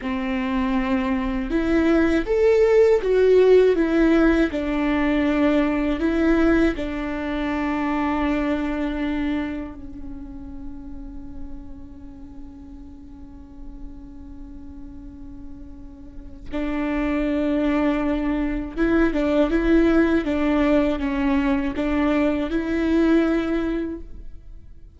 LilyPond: \new Staff \with { instrumentName = "viola" } { \time 4/4 \tempo 4 = 80 c'2 e'4 a'4 | fis'4 e'4 d'2 | e'4 d'2.~ | d'4 cis'2.~ |
cis'1~ | cis'2 d'2~ | d'4 e'8 d'8 e'4 d'4 | cis'4 d'4 e'2 | }